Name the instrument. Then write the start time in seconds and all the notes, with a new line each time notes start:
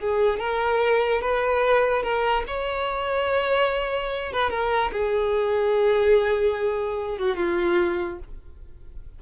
violin
0.00 G#4
0.40 A#4
1.22 B4
2.03 A#4
2.48 C#5
4.33 B4
4.51 A#4
4.92 G#4
7.19 F#4
7.37 F4